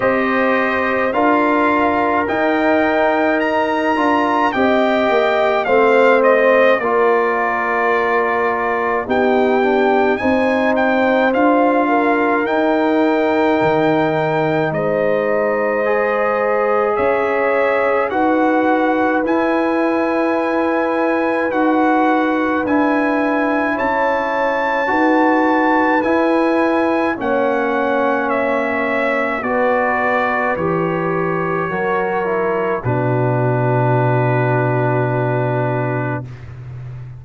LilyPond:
<<
  \new Staff \with { instrumentName = "trumpet" } { \time 4/4 \tempo 4 = 53 dis''4 f''4 g''4 ais''4 | g''4 f''8 dis''8 d''2 | g''4 gis''8 g''8 f''4 g''4~ | g''4 dis''2 e''4 |
fis''4 gis''2 fis''4 | gis''4 a''2 gis''4 | fis''4 e''4 d''4 cis''4~ | cis''4 b'2. | }
  \new Staff \with { instrumentName = "horn" } { \time 4/4 c''4 ais'2. | dis''4 c''4 ais'2 | g'4 c''4. ais'4.~ | ais'4 c''2 cis''4 |
b'1~ | b'4 cis''4 b'2 | cis''2 b'2 | ais'4 fis'2. | }
  \new Staff \with { instrumentName = "trombone" } { \time 4/4 g'4 f'4 dis'4. f'8 | g'4 c'4 f'2 | dis'8 d'8 dis'4 f'4 dis'4~ | dis'2 gis'2 |
fis'4 e'2 fis'4 | e'2 fis'4 e'4 | cis'2 fis'4 g'4 | fis'8 e'8 d'2. | }
  \new Staff \with { instrumentName = "tuba" } { \time 4/4 c'4 d'4 dis'4. d'8 | c'8 ais8 a4 ais2 | b4 c'4 d'4 dis'4 | dis4 gis2 cis'4 |
dis'4 e'2 dis'4 | d'4 cis'4 dis'4 e'4 | ais2 b4 e4 | fis4 b,2. | }
>>